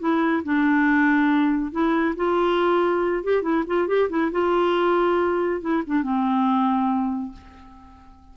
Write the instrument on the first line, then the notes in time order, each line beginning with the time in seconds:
clarinet
0.00 E4
0.44 D4
1.72 E4
2.16 F4
3.24 G4
3.43 E4
3.67 F4
3.88 G4
4.10 E4
4.32 F4
5.61 E4
5.86 D4
6.03 C4